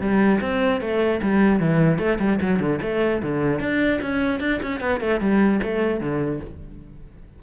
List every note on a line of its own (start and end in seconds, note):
0.00 0.40 G3
0.40 0.80 C4
0.81 1.21 A3
1.22 1.59 G3
1.59 1.98 E3
1.98 2.18 A3
2.19 2.39 G3
2.41 2.59 F#3
2.59 2.79 D3
2.82 3.22 A3
3.22 3.60 D3
3.60 4.00 D4
4.01 4.40 C#4
4.40 4.60 D4
4.62 4.80 C#4
4.80 5.00 B3
5.00 5.20 A3
5.20 5.60 G3
5.63 6.00 A3
6.00 6.40 D3